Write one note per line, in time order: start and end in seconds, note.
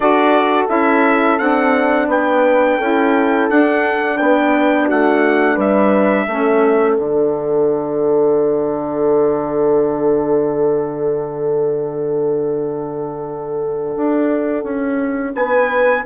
0.00 0.67 D4
0.00 0.67 F#4
0.00 2.08 A4
0.00 0.67 D5
0.67 1.39 C#4
0.67 1.37 E4
0.67 1.38 E5
1.38 2.07 C4
1.38 2.79 D4
1.38 2.08 F#5
2.07 2.76 B3
2.07 2.78 B4
2.07 3.49 G5
2.78 3.49 C#4
2.78 3.50 E4
2.78 4.17 A4
3.50 4.19 D4
3.50 6.29 D4
3.50 4.18 F#5
4.18 4.89 B3
4.18 4.85 B4
4.18 4.87 G5
4.85 5.56 A3
4.85 5.54 F#4
4.85 5.59 F#5
5.54 6.26 G3
5.54 6.23 B4
5.60 6.96 E5
6.27 6.97 A3
6.27 6.99 C#4
6.27 15.35 A4
6.96 13.95 D3
6.96 16.06 D4
6.96 15.33 F#5
13.96 14.63 D4
14.63 15.33 C#4
15.34 16.04 B3
15.34 16.05 B4
15.34 16.05 G#5